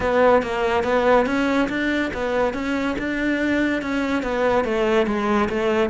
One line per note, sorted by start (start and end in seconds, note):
0.00 0.42 B3
0.42 0.83 A#3
0.83 1.26 B3
1.26 1.68 C#4
1.68 2.11 D4
2.13 2.53 B3
2.53 2.96 C#4
2.98 3.82 D4
3.82 4.22 C#4
4.22 4.64 B3
4.64 5.06 A3
5.06 5.48 G#3
5.49 5.89 A3